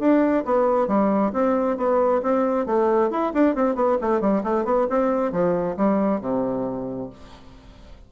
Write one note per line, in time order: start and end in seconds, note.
0.00 0.44 D4
0.46 0.88 B3
0.88 1.33 G3
1.33 1.78 C4
1.78 2.22 B3
2.23 2.66 C4
2.66 3.11 A3
3.11 3.33 E4
3.34 3.56 D4
3.56 3.76 C4
3.76 3.98 B3
4.02 4.21 A3
4.21 4.43 G3
4.44 4.65 A3
4.65 4.88 B3
4.90 5.32 C4
5.32 5.77 F3
5.77 6.21 G3
6.21 7.10 C3